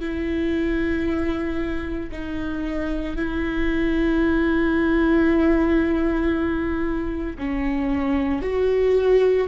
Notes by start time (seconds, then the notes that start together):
0.00 E4
2.11 D#4
3.16 E4
7.38 C#4
8.42 F#4